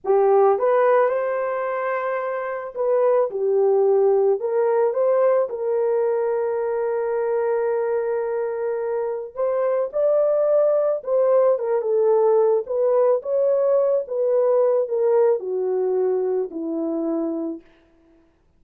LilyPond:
\new Staff \with { instrumentName = "horn" } { \time 4/4 \tempo 4 = 109 g'4 b'4 c''2~ | c''4 b'4 g'2 | ais'4 c''4 ais'2~ | ais'1~ |
ais'4 c''4 d''2 | c''4 ais'8 a'4. b'4 | cis''4. b'4. ais'4 | fis'2 e'2 | }